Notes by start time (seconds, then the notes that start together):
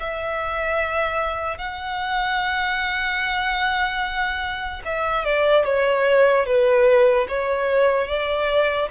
0.00 E5
1.58 F#5
4.85 E5
5.25 D5
5.65 C#5
6.46 B4
7.29 C#5
8.08 D5